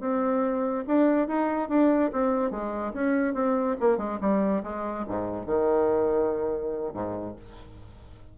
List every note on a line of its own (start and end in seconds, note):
0.00 0.84 C4
0.87 1.28 D4
1.28 1.69 D#4
1.69 2.11 D4
2.12 2.51 C4
2.51 2.93 G#3
2.93 3.34 C#4
3.34 3.76 C4
3.80 3.98 A#3
3.98 4.19 G#3
4.21 4.63 G3
4.63 5.05 G#3
5.08 5.46 G#2
5.46 6.93 D#3
6.93 7.35 G#2